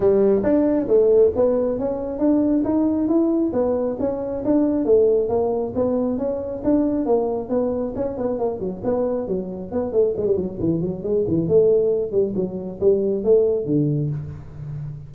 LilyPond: \new Staff \with { instrumentName = "tuba" } { \time 4/4 \tempo 4 = 136 g4 d'4 a4 b4 | cis'4 d'4 dis'4 e'4 | b4 cis'4 d'4 a4 | ais4 b4 cis'4 d'4 |
ais4 b4 cis'8 b8 ais8 fis8 | b4 fis4 b8 a8 gis16 g16 fis8 | e8 fis8 gis8 e8 a4. g8 | fis4 g4 a4 d4 | }